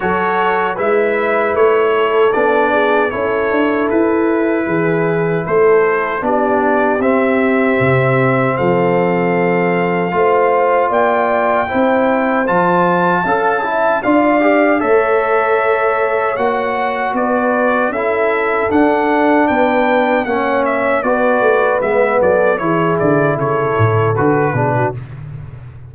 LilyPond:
<<
  \new Staff \with { instrumentName = "trumpet" } { \time 4/4 \tempo 4 = 77 cis''4 e''4 cis''4 d''4 | cis''4 b'2 c''4 | d''4 e''2 f''4~ | f''2 g''2 |
a''2 f''4 e''4~ | e''4 fis''4 d''4 e''4 | fis''4 g''4 fis''8 e''8 d''4 | e''8 d''8 cis''8 d''8 cis''4 b'4 | }
  \new Staff \with { instrumentName = "horn" } { \time 4/4 a'4 b'4. a'4 gis'8 | a'2 gis'4 a'4 | g'2. a'4~ | a'4 c''4 d''4 c''4~ |
c''4 f''8 e''8 d''4 cis''4~ | cis''2 b'4 a'4~ | a'4 b'4 cis''4 b'4~ | b'8 a'8 gis'4 a'4. gis'16 fis'16 | }
  \new Staff \with { instrumentName = "trombone" } { \time 4/4 fis'4 e'2 d'4 | e'1 | d'4 c'2.~ | c'4 f'2 e'4 |
f'4 a'8 e'8 f'8 g'8 a'4~ | a'4 fis'2 e'4 | d'2 cis'4 fis'4 | b4 e'2 fis'8 d'8 | }
  \new Staff \with { instrumentName = "tuba" } { \time 4/4 fis4 gis4 a4 b4 | cis'8 d'8 e'4 e4 a4 | b4 c'4 c4 f4~ | f4 a4 ais4 c'4 |
f4 cis'4 d'4 a4~ | a4 ais4 b4 cis'4 | d'4 b4 ais4 b8 a8 | gis8 fis8 e8 d8 cis8 a,8 d8 b,8 | }
>>